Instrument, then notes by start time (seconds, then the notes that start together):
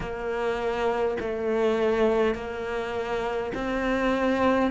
cello
0.00 A#3
1.20 A3
2.34 A#3
3.54 C4